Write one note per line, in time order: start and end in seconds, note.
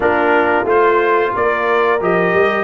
0.00 0.63 A#3
0.00 0.65 D4
0.00 1.33 F4
0.00 0.68 A#4
0.64 1.31 A3
0.64 1.99 F4
0.64 1.35 C5
1.33 2.01 A#3
1.33 2.63 A#4
1.33 2.02 D5
2.00 2.33 F3
2.00 2.63 G4
2.00 2.63 D#5
2.33 2.63 G3